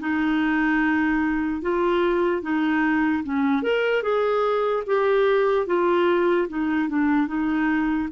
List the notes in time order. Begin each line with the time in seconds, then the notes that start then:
0.00 D#4
1.63 F4
2.43 D#4
3.24 C#4
3.63 A#4
4.03 G#4
4.87 G4
5.67 F4
6.49 D#4
6.90 D4
7.28 D#4